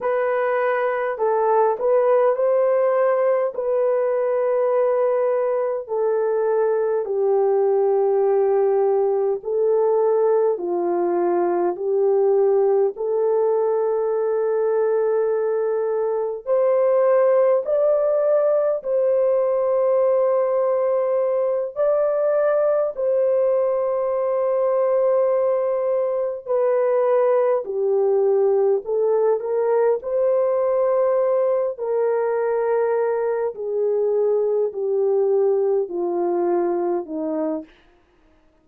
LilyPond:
\new Staff \with { instrumentName = "horn" } { \time 4/4 \tempo 4 = 51 b'4 a'8 b'8 c''4 b'4~ | b'4 a'4 g'2 | a'4 f'4 g'4 a'4~ | a'2 c''4 d''4 |
c''2~ c''8 d''4 c''8~ | c''2~ c''8 b'4 g'8~ | g'8 a'8 ais'8 c''4. ais'4~ | ais'8 gis'4 g'4 f'4 dis'8 | }